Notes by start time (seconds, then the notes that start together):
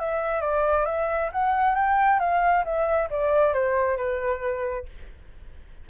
0.00 E5
0.41 D5
0.86 E5
1.33 F#5
1.75 G5
2.20 F5
2.65 E5
3.11 D5
3.54 C5
3.98 B4